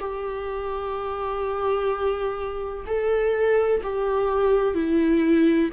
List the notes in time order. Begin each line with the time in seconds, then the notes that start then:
0.00 G4
2.87 A4
3.84 G4
4.74 E4